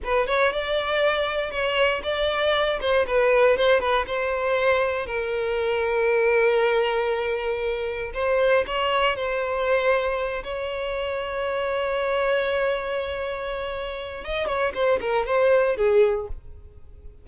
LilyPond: \new Staff \with { instrumentName = "violin" } { \time 4/4 \tempo 4 = 118 b'8 cis''8 d''2 cis''4 | d''4. c''8 b'4 c''8 b'8 | c''2 ais'2~ | ais'1 |
c''4 cis''4 c''2~ | c''8 cis''2.~ cis''8~ | cis''1 | dis''8 cis''8 c''8 ais'8 c''4 gis'4 | }